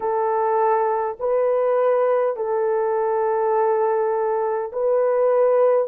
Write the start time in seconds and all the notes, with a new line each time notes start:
0.00 A4
1.19 B4
2.36 A4
4.72 B4